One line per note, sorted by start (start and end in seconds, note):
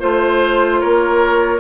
0.00 0.83 A3
0.00 1.60 F4
0.00 0.80 C5
0.00 0.81 C5
0.81 1.60 A#3
0.81 1.60 A#4
0.81 1.60 C#5